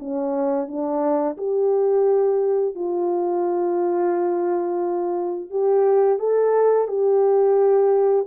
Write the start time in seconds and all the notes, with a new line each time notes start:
0.00 C#4
0.68 D4
1.38 G4
2.75 F4
5.51 G4
6.19 A4
6.88 G4